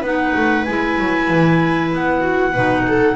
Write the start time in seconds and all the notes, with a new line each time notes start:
0.00 B3 D#4 B4 F#5
0.36 A3
0.65 G#3 E4 G#5
0.99 F#3
1.30 E3
1.93 B3 F#5
2.21 F#4
2.53 B2 D#4 B4
2.87 A4